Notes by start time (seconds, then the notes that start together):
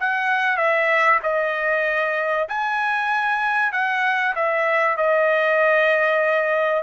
0.00 F#5
0.57 E5
1.24 D#5
2.49 G#5
3.72 F#5
4.36 E5
4.97 D#5